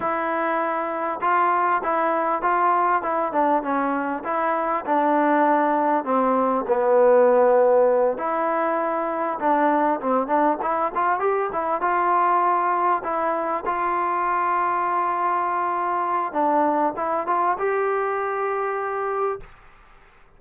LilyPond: \new Staff \with { instrumentName = "trombone" } { \time 4/4 \tempo 4 = 99 e'2 f'4 e'4 | f'4 e'8 d'8 cis'4 e'4 | d'2 c'4 b4~ | b4. e'2 d'8~ |
d'8 c'8 d'8 e'8 f'8 g'8 e'8 f'8~ | f'4. e'4 f'4.~ | f'2. d'4 | e'8 f'8 g'2. | }